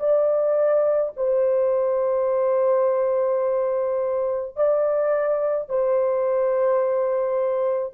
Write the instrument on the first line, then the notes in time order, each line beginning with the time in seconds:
horn
0.00 D5
1.17 C5
4.56 D5
5.69 C5